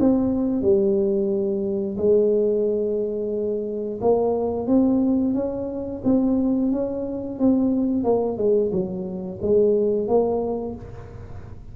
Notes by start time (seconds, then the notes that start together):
0.00 C4
0.62 G3
1.98 G#3
4.01 A#3
4.67 C4
5.34 C#4
6.05 C4
6.72 C#4
7.39 C4
8.04 A#3
8.38 G#3
8.72 F#3
9.42 G#3
10.08 A#3